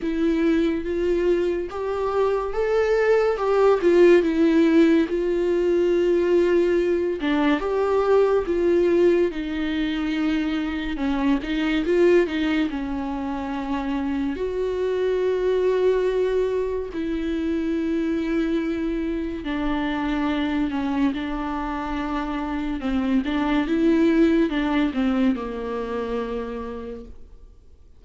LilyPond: \new Staff \with { instrumentName = "viola" } { \time 4/4 \tempo 4 = 71 e'4 f'4 g'4 a'4 | g'8 f'8 e'4 f'2~ | f'8 d'8 g'4 f'4 dis'4~ | dis'4 cis'8 dis'8 f'8 dis'8 cis'4~ |
cis'4 fis'2. | e'2. d'4~ | d'8 cis'8 d'2 c'8 d'8 | e'4 d'8 c'8 ais2 | }